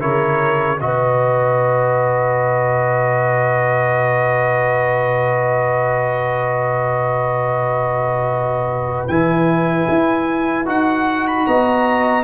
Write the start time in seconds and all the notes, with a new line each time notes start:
0.00 C#3 E4 A#4 C#5
0.80 B2 F#4 B4 D#5
9.08 E3 E4 G#5
9.89 E4
10.66 D#4 F#4 F#5
11.27 B5
11.47 B3 D#5 A#5